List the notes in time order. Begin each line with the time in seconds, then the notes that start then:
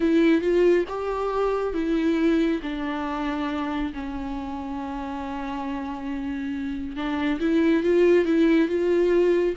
0.00 E4
0.41 F4
0.88 G4
1.73 E4
2.62 D4
3.93 C#4
6.96 D4
7.40 E4
7.83 F4
8.25 E4
8.68 F4